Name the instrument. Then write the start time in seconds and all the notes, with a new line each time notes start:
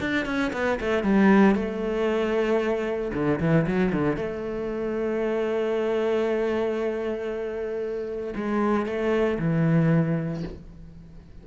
cello
0.00 D4
0.25 C#4
0.53 B3
0.80 A3
1.03 G3
1.55 A3
3.13 D3
3.40 E3
3.66 F#3
3.92 D3
4.16 A3
8.35 G#3
8.86 A3
9.39 E3